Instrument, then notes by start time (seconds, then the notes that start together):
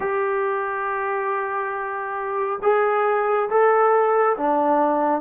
trombone
0.00 G4
2.62 G#4
3.49 A4
4.37 D4